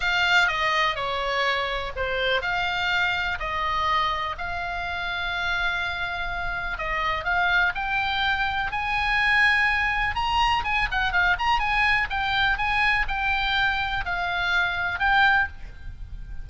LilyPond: \new Staff \with { instrumentName = "oboe" } { \time 4/4 \tempo 4 = 124 f''4 dis''4 cis''2 | c''4 f''2 dis''4~ | dis''4 f''2.~ | f''2 dis''4 f''4 |
g''2 gis''2~ | gis''4 ais''4 gis''8 fis''8 f''8 ais''8 | gis''4 g''4 gis''4 g''4~ | g''4 f''2 g''4 | }